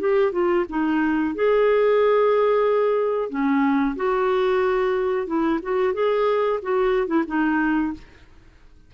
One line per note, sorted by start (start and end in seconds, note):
0.00 0.33 G4
0.33 0.66 F4
0.70 1.35 D#4
1.35 3.30 G#4
3.30 3.96 C#4
3.97 5.27 F#4
5.27 5.60 E4
5.63 5.94 F#4
5.94 6.60 G#4
6.63 7.08 F#4
7.08 7.24 E4
7.28 7.94 D#4